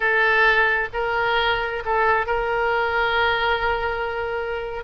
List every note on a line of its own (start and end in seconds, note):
0.00 0.88 A4
0.93 1.83 A#4
1.85 2.26 A4
2.26 4.84 A#4